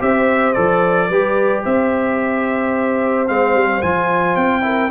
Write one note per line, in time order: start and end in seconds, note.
0.00 0.56 C4
0.00 0.55 G4
0.00 1.09 C5
0.00 0.53 E5
0.53 1.10 F3
0.53 1.10 A4
0.53 1.62 D5
1.09 1.64 G3
1.09 3.28 G4
1.09 1.63 B4
1.63 3.29 C4
1.63 4.63 C5
1.63 3.28 E5
3.28 3.55 G#3
3.28 3.82 C4
3.28 3.82 F5
3.55 3.82 G3
3.82 4.37 F3
3.82 4.62 F4
3.82 4.37 G#5
4.37 4.91 C4
4.37 4.91 G5
4.62 4.89 E4
4.62 4.91 A#4